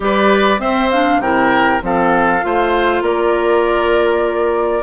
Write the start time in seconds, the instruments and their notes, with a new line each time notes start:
0.00 bassoon G3, clarinet G4, oboe B4, flute D5
0.58 clarinet C4, bassoon C4, oboe C5, flute E5
0.90 clarinet D4, flute F5
1.19 bassoon C3, clarinet E4, oboe A#4, flute G5
1.81 bassoon F3, clarinet C4, oboe A4, flute F5
2.41 bassoon A3, clarinet F4, oboe C5
3.01 bassoon A#3, oboe A#4, flute D5